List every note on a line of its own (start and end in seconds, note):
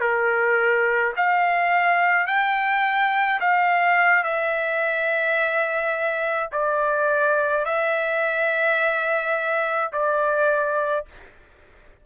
0.00 1.13 A#4
1.16 2.26 F5
2.26 3.40 G5
3.40 4.23 F5
4.23 6.50 E5
6.52 7.65 D5
7.65 9.92 E5
9.92 11.05 D5